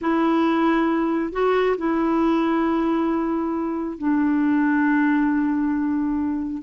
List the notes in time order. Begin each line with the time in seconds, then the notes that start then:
0.01 E4
1.32 F#4
1.77 E4
3.98 D4